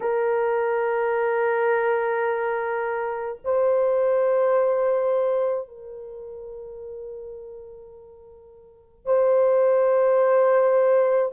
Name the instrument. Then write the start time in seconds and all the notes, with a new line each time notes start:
horn
0.00 A#4
3.44 C5
5.68 A#4
9.05 C5